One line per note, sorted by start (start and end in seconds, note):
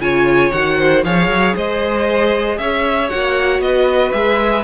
0.00 0.52 C#3
0.00 0.53 F4
0.00 0.79 C#5
0.00 0.52 G#5
0.52 1.04 D#3
0.52 1.05 F#4
0.52 1.04 F#5
0.79 1.05 C5
1.04 1.28 F3
1.04 3.11 G#4
1.04 1.56 C#5
1.04 1.56 F5
1.28 1.54 F#3
1.56 2.59 G#3
1.56 2.59 C5
1.56 2.59 D#5
2.59 3.11 C#4
2.59 3.64 C#5
2.59 3.10 E5
3.10 3.60 A#3
3.10 4.14 F#4
3.10 3.61 F#5
3.60 4.12 B3
3.60 4.64 B4
3.60 4.13 D#5
4.13 4.64 G#3
4.13 4.64 G#4
4.13 4.64 E5